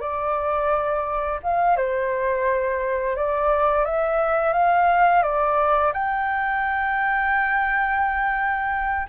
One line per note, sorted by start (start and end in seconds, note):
0.00 1.40 D5
1.43 1.76 F5
1.76 3.16 C5
3.16 3.85 D5
3.85 4.53 E5
4.53 5.23 F5
5.23 5.92 D5
5.93 9.07 G5